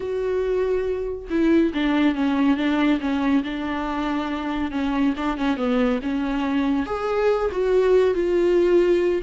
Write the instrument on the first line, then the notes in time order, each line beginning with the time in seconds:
viola
0.00 F#4
1.30 E4
1.74 D4
2.14 C#4
2.56 D4
3.00 C#4
3.43 D4
4.71 C#4
5.16 D4
5.37 C#4
5.56 B3
6.02 C#4
6.86 G#4
7.51 F#4
8.14 F4